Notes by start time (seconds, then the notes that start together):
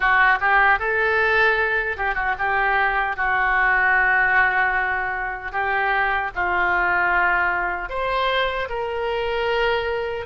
0.00 F#4
0.40 G4
0.79 A4
1.96 G4
2.15 F#4
2.38 G4
3.16 F#4
5.52 G4
6.35 F4
7.89 C5
8.69 A#4